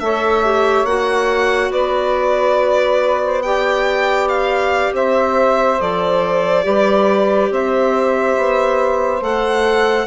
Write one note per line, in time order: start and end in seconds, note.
0.00 0.84 A3
0.00 0.44 A4
0.00 1.71 C#5
0.00 0.86 E5
0.44 0.87 G4
0.84 1.70 A#3
0.84 3.44 F#4
0.84 1.71 F#5
1.70 4.92 B3
1.70 3.21 B4
1.70 3.42 D5
3.23 3.44 C5
3.42 5.79 G4
3.42 4.94 D5
3.42 4.28 G5
4.28 4.92 F5
4.93 5.78 C4
4.93 6.65 C5
4.93 5.81 E5
5.79 6.65 F3
5.79 6.63 A4
5.79 7.52 D5
6.63 7.50 G3
6.63 9.21 G4
6.63 7.51 B4
7.50 8.36 C4
7.50 10.06 C5
7.50 9.23 E5
8.37 9.21 B3
9.21 10.06 A3
9.21 10.06 A4
9.21 10.06 F#5